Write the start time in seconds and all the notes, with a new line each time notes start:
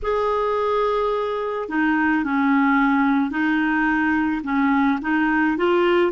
0.02 G#4
1.69 D#4
2.24 C#4
3.30 D#4
4.43 C#4
5.01 D#4
5.57 F4